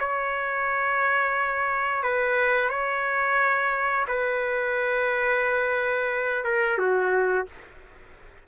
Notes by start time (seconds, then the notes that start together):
0.00 C#5
2.03 B4
2.70 C#5
4.08 B4
6.44 A#4
6.78 F#4